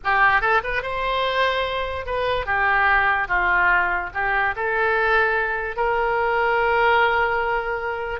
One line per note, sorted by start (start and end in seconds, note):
0.04 0.41 G4
0.41 0.61 A4
0.63 0.82 B4
0.82 2.05 C5
2.05 2.46 B4
2.46 3.28 G4
3.28 4.10 F4
4.13 4.54 G4
4.56 5.76 A4
5.76 8.20 A#4